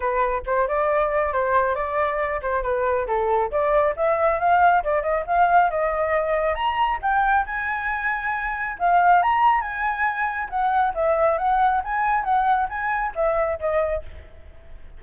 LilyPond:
\new Staff \with { instrumentName = "flute" } { \time 4/4 \tempo 4 = 137 b'4 c''8 d''4. c''4 | d''4. c''8 b'4 a'4 | d''4 e''4 f''4 d''8 dis''8 | f''4 dis''2 ais''4 |
g''4 gis''2. | f''4 ais''4 gis''2 | fis''4 e''4 fis''4 gis''4 | fis''4 gis''4 e''4 dis''4 | }